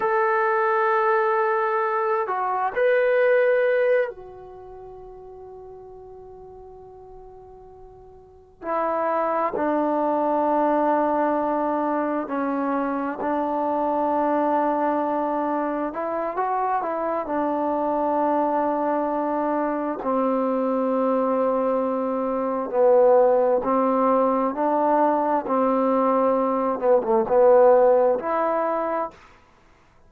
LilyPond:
\new Staff \with { instrumentName = "trombone" } { \time 4/4 \tempo 4 = 66 a'2~ a'8 fis'8 b'4~ | b'8 fis'2.~ fis'8~ | fis'4. e'4 d'4.~ | d'4. cis'4 d'4.~ |
d'4. e'8 fis'8 e'8 d'4~ | d'2 c'2~ | c'4 b4 c'4 d'4 | c'4. b16 a16 b4 e'4 | }